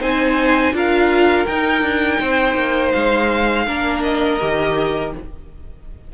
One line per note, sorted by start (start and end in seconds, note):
0.00 0.72 C4
0.00 0.73 D#4
0.00 0.73 C5
0.00 0.75 G#5
0.72 1.45 D4
0.72 1.46 F4
0.72 2.20 A#4
0.72 1.46 F5
1.46 3.67 D#4
1.46 1.81 D#4
1.46 2.92 G5
1.81 2.18 D4
2.20 2.54 C4
2.20 3.66 C5
2.54 2.91 A#3
2.92 3.67 G#3
2.92 4.02 F5
3.66 4.40 A#3
3.66 4.40 D4
3.66 5.12 A#4
4.03 5.12 D#5
4.40 5.14 D#3
4.40 5.14 G4